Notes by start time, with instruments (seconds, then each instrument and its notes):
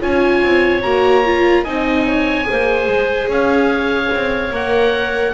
0.00 double bass C#4, viola F4, clarinet C#5, oboe G#5
0.44 double bass C4
0.82 double bass A#3, viola F#4, oboe A#5
1.25 viola F4
1.64 double bass C4, viola D#4, clarinet D#5, oboe G#5
2.07 clarinet C#5
2.44 viola G#4, clarinet C5
2.51 double bass A#3
2.87 double bass G#3
3.28 double bass C#4, clarinet C#5, oboe F5
4.15 double bass C4
4.51 double bass A#3, viola A#4, oboe F#5